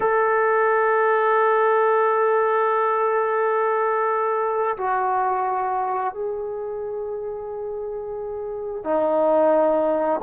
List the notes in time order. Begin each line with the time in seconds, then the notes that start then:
0.00 A4
4.77 F#4
6.13 G#4
8.84 D#4